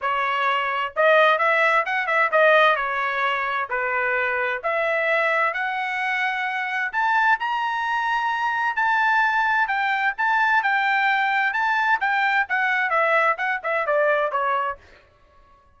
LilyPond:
\new Staff \with { instrumentName = "trumpet" } { \time 4/4 \tempo 4 = 130 cis''2 dis''4 e''4 | fis''8 e''8 dis''4 cis''2 | b'2 e''2 | fis''2. a''4 |
ais''2. a''4~ | a''4 g''4 a''4 g''4~ | g''4 a''4 g''4 fis''4 | e''4 fis''8 e''8 d''4 cis''4 | }